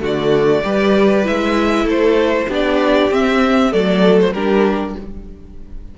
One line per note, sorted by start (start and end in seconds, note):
0.00 0.62 D3
0.00 0.62 A3
0.00 0.64 F#4
0.00 1.27 D5
0.63 1.27 G3
0.63 1.24 G4
0.63 1.84 B4
1.24 1.85 G#3
1.24 2.48 E4
1.24 1.89 E5
1.84 2.47 A3
1.84 2.45 A4
1.84 2.51 C5
2.48 3.10 B3
2.48 3.11 D4
2.48 3.71 G4
2.48 3.14 D5
3.11 3.72 C4
3.11 3.73 E5
3.71 4.33 F#3
3.71 4.34 A3
3.71 4.33 A4
3.71 4.19 D5
4.21 4.33 C5
4.33 4.95 G3
4.33 4.98 D4
4.33 4.96 G4
4.33 4.95 A#4